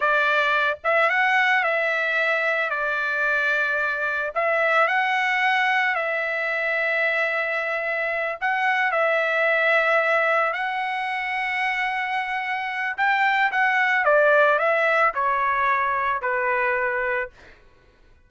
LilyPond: \new Staff \with { instrumentName = "trumpet" } { \time 4/4 \tempo 4 = 111 d''4. e''8 fis''4 e''4~ | e''4 d''2. | e''4 fis''2 e''4~ | e''2.~ e''8 fis''8~ |
fis''8 e''2. fis''8~ | fis''1 | g''4 fis''4 d''4 e''4 | cis''2 b'2 | }